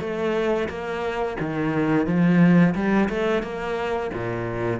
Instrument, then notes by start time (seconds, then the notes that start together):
cello
0.00 A3
0.68 A#3
1.40 D#3
2.06 F3
2.75 G3
3.09 A3
3.43 A#3
4.14 A#2